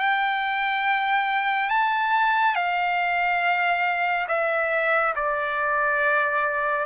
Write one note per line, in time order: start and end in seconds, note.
0.00 1.70 G5
1.70 2.56 A5
2.56 4.27 F5
4.29 5.14 E5
5.16 6.86 D5